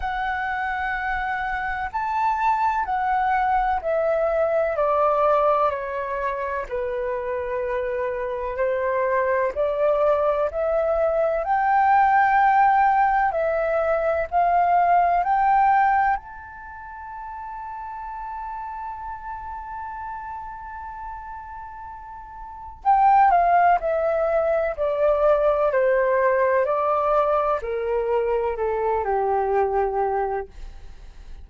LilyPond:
\new Staff \with { instrumentName = "flute" } { \time 4/4 \tempo 4 = 63 fis''2 a''4 fis''4 | e''4 d''4 cis''4 b'4~ | b'4 c''4 d''4 e''4 | g''2 e''4 f''4 |
g''4 a''2.~ | a''1 | g''8 f''8 e''4 d''4 c''4 | d''4 ais'4 a'8 g'4. | }